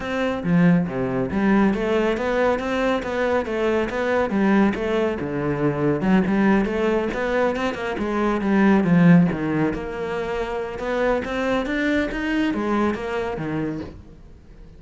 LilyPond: \new Staff \with { instrumentName = "cello" } { \time 4/4 \tempo 4 = 139 c'4 f4 c4 g4 | a4 b4 c'4 b4 | a4 b4 g4 a4 | d2 fis8 g4 a8~ |
a8 b4 c'8 ais8 gis4 g8~ | g8 f4 dis4 ais4.~ | ais4 b4 c'4 d'4 | dis'4 gis4 ais4 dis4 | }